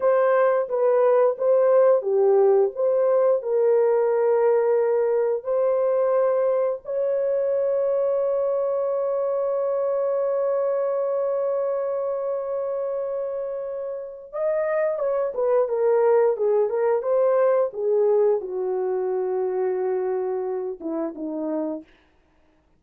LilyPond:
\new Staff \with { instrumentName = "horn" } { \time 4/4 \tempo 4 = 88 c''4 b'4 c''4 g'4 | c''4 ais'2. | c''2 cis''2~ | cis''1~ |
cis''1~ | cis''4 dis''4 cis''8 b'8 ais'4 | gis'8 ais'8 c''4 gis'4 fis'4~ | fis'2~ fis'8 e'8 dis'4 | }